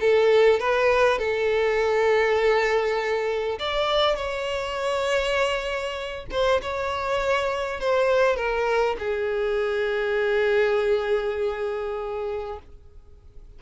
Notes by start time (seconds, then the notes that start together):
0.00 A4
0.60 B4
1.19 A4
3.59 D5
4.16 C#5
6.31 C5
6.62 C#5
7.80 C5
8.36 A#4
8.99 G#4